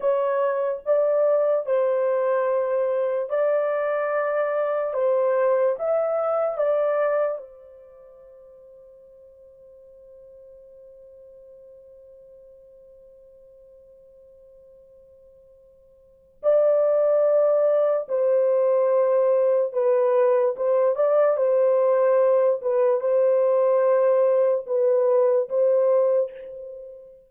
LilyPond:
\new Staff \with { instrumentName = "horn" } { \time 4/4 \tempo 4 = 73 cis''4 d''4 c''2 | d''2 c''4 e''4 | d''4 c''2.~ | c''1~ |
c''1 | d''2 c''2 | b'4 c''8 d''8 c''4. b'8 | c''2 b'4 c''4 | }